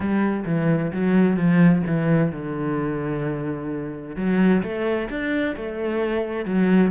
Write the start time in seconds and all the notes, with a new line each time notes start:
0.00 G3
0.45 E3
0.92 F#3
1.36 F3
1.86 E3
2.32 D3
4.16 F#3
4.62 A3
5.09 D4
5.56 A3
6.45 F#3